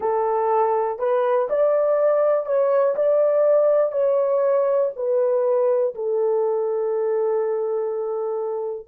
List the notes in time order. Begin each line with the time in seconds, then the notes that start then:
0.00 A4
0.98 B4
1.49 D5
2.45 C#5
2.95 D5
3.92 C#5
4.95 B4
5.94 A4